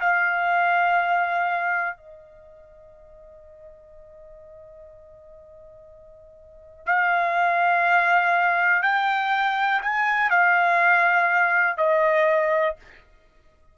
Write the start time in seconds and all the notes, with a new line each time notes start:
0.00 F5
1.97 D#5
6.86 F5
8.83 G5
9.82 G#5
10.30 F5
11.77 D#5